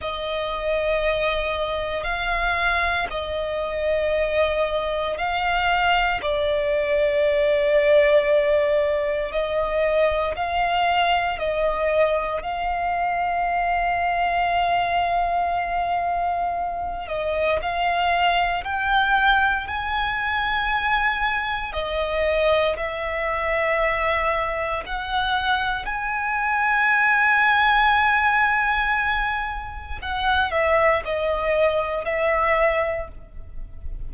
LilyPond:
\new Staff \with { instrumentName = "violin" } { \time 4/4 \tempo 4 = 58 dis''2 f''4 dis''4~ | dis''4 f''4 d''2~ | d''4 dis''4 f''4 dis''4 | f''1~ |
f''8 dis''8 f''4 g''4 gis''4~ | gis''4 dis''4 e''2 | fis''4 gis''2.~ | gis''4 fis''8 e''8 dis''4 e''4 | }